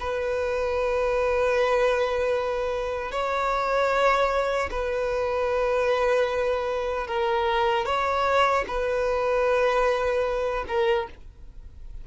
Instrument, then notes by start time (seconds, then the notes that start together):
violin
0.00 B4
3.12 C#5
4.71 B4
7.07 A#4
7.86 C#5
8.68 B4
10.68 A#4